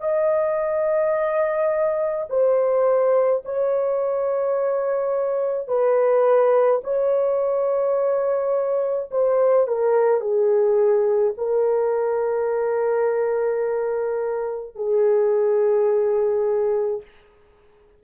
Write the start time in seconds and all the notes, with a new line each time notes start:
0.00 D#5
2.29 C5
3.45 C#5
5.67 B4
6.83 C#5
9.11 C5
9.67 A#4
10.20 G#4
11.37 A#4
14.75 G#4